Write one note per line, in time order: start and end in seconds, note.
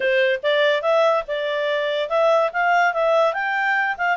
0.00 0.39 C5
0.42 0.81 D5
0.81 1.23 E5
1.27 2.09 D5
2.09 2.51 E5
2.52 2.93 F5
2.93 3.33 E5
3.33 3.96 G5
3.97 4.16 F5